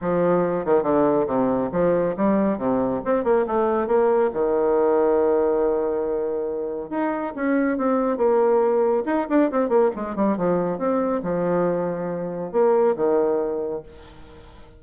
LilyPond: \new Staff \with { instrumentName = "bassoon" } { \time 4/4 \tempo 4 = 139 f4. dis8 d4 c4 | f4 g4 c4 c'8 ais8 | a4 ais4 dis2~ | dis1 |
dis'4 cis'4 c'4 ais4~ | ais4 dis'8 d'8 c'8 ais8 gis8 g8 | f4 c'4 f2~ | f4 ais4 dis2 | }